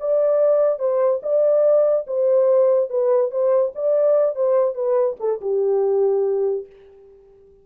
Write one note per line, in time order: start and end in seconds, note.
0.00 0.79 D5
0.79 1.21 C5
1.23 2.06 D5
2.07 2.90 C5
2.90 3.31 B4
3.31 3.73 C5
3.75 4.36 D5
4.36 4.75 C5
4.75 5.17 B4
5.20 5.41 A4
5.41 6.66 G4